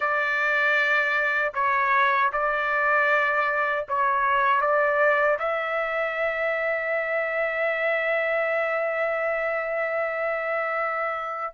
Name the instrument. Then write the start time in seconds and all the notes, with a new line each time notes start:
trumpet
0.00 D5
1.54 C#5
2.32 D5
3.88 C#5
4.61 D5
5.38 E5